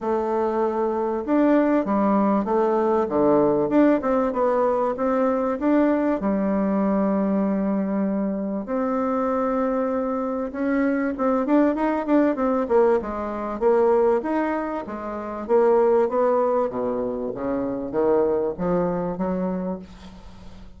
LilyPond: \new Staff \with { instrumentName = "bassoon" } { \time 4/4 \tempo 4 = 97 a2 d'4 g4 | a4 d4 d'8 c'8 b4 | c'4 d'4 g2~ | g2 c'2~ |
c'4 cis'4 c'8 d'8 dis'8 d'8 | c'8 ais8 gis4 ais4 dis'4 | gis4 ais4 b4 b,4 | cis4 dis4 f4 fis4 | }